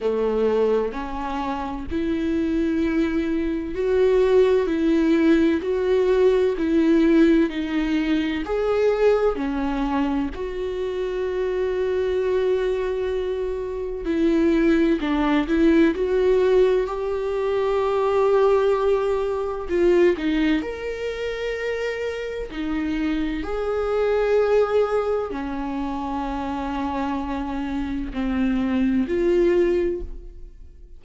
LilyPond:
\new Staff \with { instrumentName = "viola" } { \time 4/4 \tempo 4 = 64 a4 cis'4 e'2 | fis'4 e'4 fis'4 e'4 | dis'4 gis'4 cis'4 fis'4~ | fis'2. e'4 |
d'8 e'8 fis'4 g'2~ | g'4 f'8 dis'8 ais'2 | dis'4 gis'2 cis'4~ | cis'2 c'4 f'4 | }